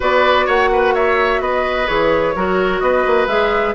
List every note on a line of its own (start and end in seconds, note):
0.00 0.47 B3
0.00 1.87 F#4
0.00 0.45 B4
0.00 0.48 D5
0.45 1.40 A#3
0.45 0.69 C#5
0.45 0.95 F#5
0.72 0.94 B4
0.94 1.41 C#5
0.94 1.41 E5
1.40 1.87 B3
1.40 2.35 B4
1.40 1.87 D#5
1.87 2.35 E3
1.87 2.34 G#4
1.87 2.80 C#5
2.35 2.81 F#3
2.35 3.28 F#4
2.35 2.82 A#4
2.80 3.04 B3
2.80 3.74 B4
2.80 3.26 D#5
3.06 3.27 A#3
3.27 3.73 G#3
3.27 3.74 G#4
3.27 3.74 E5